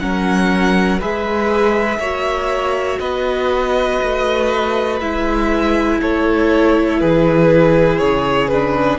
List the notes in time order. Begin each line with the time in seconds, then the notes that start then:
0.00 F#3 C#4 A#4 F#5
0.99 G#3 G#4 B4 E5
1.99 A#3 F#4 C#5
3.00 B3 B4 D#5
4.03 A3
5.01 G#3 E4 E5
6.02 A3 A4 C#5
7.00 E3 G#4 B4
7.99 C#3 C#5
8.48 D4 B4